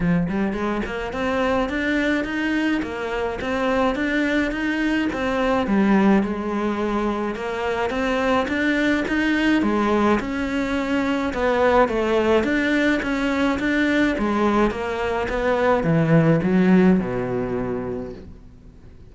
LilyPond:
\new Staff \with { instrumentName = "cello" } { \time 4/4 \tempo 4 = 106 f8 g8 gis8 ais8 c'4 d'4 | dis'4 ais4 c'4 d'4 | dis'4 c'4 g4 gis4~ | gis4 ais4 c'4 d'4 |
dis'4 gis4 cis'2 | b4 a4 d'4 cis'4 | d'4 gis4 ais4 b4 | e4 fis4 b,2 | }